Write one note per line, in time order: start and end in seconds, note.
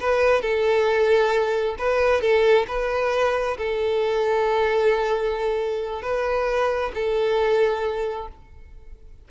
0.00 0.42 B4
0.42 1.76 A4
1.78 2.21 B4
2.21 2.66 A4
2.68 3.57 B4
3.58 6.02 A4
6.02 6.92 B4
6.94 8.29 A4